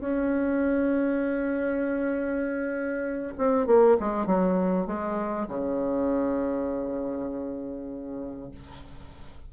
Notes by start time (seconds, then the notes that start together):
0.00 C#4
3.38 C4
3.66 A#3
4.00 G#3
4.26 F#3
4.87 G#3
5.48 C#3